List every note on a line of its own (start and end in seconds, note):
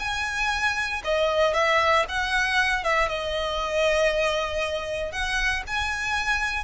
0.00 1.03 G#5
1.05 1.54 D#5
1.54 2.06 E5
2.09 2.84 F#5
2.84 3.09 E5
3.09 5.12 D#5
5.12 5.63 F#5
5.68 6.65 G#5